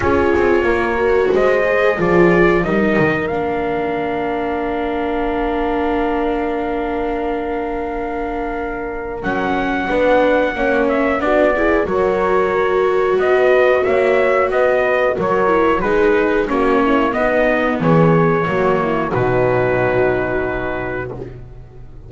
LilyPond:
<<
  \new Staff \with { instrumentName = "trumpet" } { \time 4/4 \tempo 4 = 91 cis''2 dis''4 d''4 | dis''4 f''2.~ | f''1~ | f''2 fis''2~ |
fis''8 e''8 d''4 cis''2 | dis''4 e''4 dis''4 cis''4 | b'4 cis''4 dis''4 cis''4~ | cis''4 b'2. | }
  \new Staff \with { instrumentName = "horn" } { \time 4/4 gis'4 ais'4 c''4 gis'4 | ais'1~ | ais'1~ | ais'2. b'4 |
cis''4 fis'8 gis'8 ais'2 | b'4 cis''4 b'4 ais'4 | gis'4 fis'8 e'8 dis'4 gis'4 | fis'8 e'8 dis'2. | }
  \new Staff \with { instrumentName = "viola" } { \time 4/4 f'4. fis'4 gis'8 f'4 | dis'4 d'2.~ | d'1~ | d'2 cis'4 d'4 |
cis'4 d'8 e'8 fis'2~ | fis'2.~ fis'8 e'8 | dis'4 cis'4 b2 | ais4 fis2. | }
  \new Staff \with { instrumentName = "double bass" } { \time 4/4 cis'8 c'8 ais4 gis4 f4 | g8 dis8 ais2.~ | ais1~ | ais2 fis4 b4 |
ais4 b4 fis2 | b4 ais4 b4 fis4 | gis4 ais4 b4 e4 | fis4 b,2. | }
>>